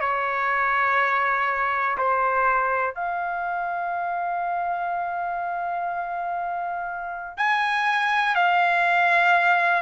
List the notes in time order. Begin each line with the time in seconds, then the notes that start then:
0.00 C#5
1.98 C5
2.94 F5
7.37 G#5
8.35 F5